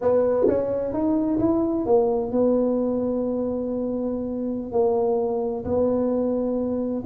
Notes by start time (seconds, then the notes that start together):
0.01 B3
0.47 C#4
0.93 D#4
1.39 E4
1.86 A#3
2.31 B3
4.72 A#3
5.64 B3